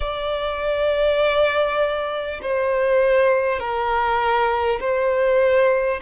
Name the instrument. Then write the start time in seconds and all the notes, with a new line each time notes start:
violin
0.00 D5
2.42 C5
3.59 A#4
4.79 C5